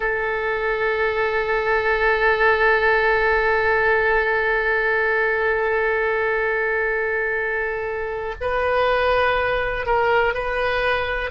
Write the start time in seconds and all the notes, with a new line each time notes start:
0.00 A4
8.41 B4
9.85 A#4
10.33 B4